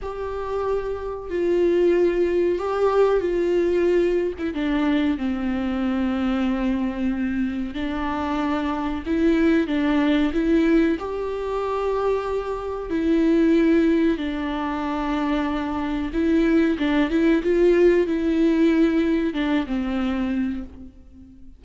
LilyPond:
\new Staff \with { instrumentName = "viola" } { \time 4/4 \tempo 4 = 93 g'2 f'2 | g'4 f'4.~ f'16 e'16 d'4 | c'1 | d'2 e'4 d'4 |
e'4 g'2. | e'2 d'2~ | d'4 e'4 d'8 e'8 f'4 | e'2 d'8 c'4. | }